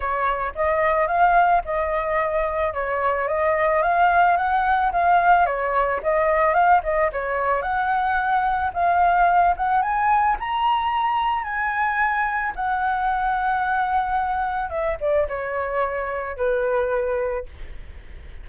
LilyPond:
\new Staff \with { instrumentName = "flute" } { \time 4/4 \tempo 4 = 110 cis''4 dis''4 f''4 dis''4~ | dis''4 cis''4 dis''4 f''4 | fis''4 f''4 cis''4 dis''4 | f''8 dis''8 cis''4 fis''2 |
f''4. fis''8 gis''4 ais''4~ | ais''4 gis''2 fis''4~ | fis''2. e''8 d''8 | cis''2 b'2 | }